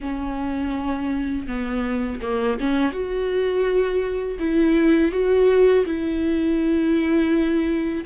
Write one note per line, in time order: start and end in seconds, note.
0.00 1.47 C#4
1.47 2.20 B3
2.22 2.58 A#3
2.60 2.91 C#4
2.91 4.38 F#4
4.39 5.11 E4
5.11 5.84 F#4
5.85 8.05 E4